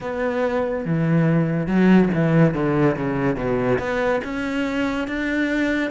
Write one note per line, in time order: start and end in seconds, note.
0.00 0.85 B3
0.85 1.66 E3
1.66 2.09 F#3
2.14 2.54 E3
2.54 2.96 D3
2.96 3.36 C#3
3.36 3.78 B2
3.78 4.21 B3
4.23 5.07 C#4
5.07 5.90 D4